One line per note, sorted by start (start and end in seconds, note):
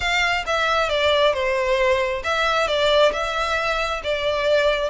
0.00 0.44 F5
0.46 0.89 E5
0.89 1.33 D5
1.33 2.22 C5
2.23 2.67 E5
2.67 3.12 D5
3.12 4.01 E5
4.03 4.89 D5